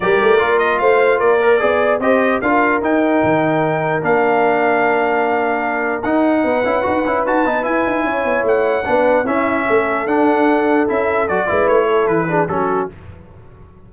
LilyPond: <<
  \new Staff \with { instrumentName = "trumpet" } { \time 4/4 \tempo 4 = 149 d''4. dis''8 f''4 d''4~ | d''4 dis''4 f''4 g''4~ | g''2 f''2~ | f''2. fis''4~ |
fis''2 a''4 gis''4~ | gis''4 fis''2 e''4~ | e''4 fis''2 e''4 | d''4 cis''4 b'4 a'4 | }
  \new Staff \with { instrumentName = "horn" } { \time 4/4 ais'2 c''4 ais'4 | d''4 c''4 ais'2~ | ais'1~ | ais'1 |
b'1 | cis''2 b'4 e'4 | a'1~ | a'8 b'4 a'4 gis'8 fis'4 | }
  \new Staff \with { instrumentName = "trombone" } { \time 4/4 g'4 f'2~ f'8 ais'8 | gis'4 g'4 f'4 dis'4~ | dis'2 d'2~ | d'2. dis'4~ |
dis'8 e'8 fis'8 e'8 fis'8 dis'8 e'4~ | e'2 d'4 cis'4~ | cis'4 d'2 e'4 | fis'8 e'2 d'8 cis'4 | }
  \new Staff \with { instrumentName = "tuba" } { \time 4/4 g8 a8 ais4 a4 ais4 | b4 c'4 d'4 dis'4 | dis2 ais2~ | ais2. dis'4 |
b8 cis'8 dis'8 cis'8 dis'8 b8 e'8 dis'8 | cis'8 b8 a4 b4 cis'4 | a4 d'2 cis'4 | fis8 gis8 a4 e4 fis4 | }
>>